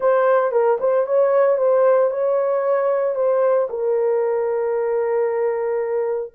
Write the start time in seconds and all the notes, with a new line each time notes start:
0.00 C5
0.51 A#4
0.80 C5
1.06 C#5
1.57 C5
2.10 C#5
3.15 C5
3.69 A#4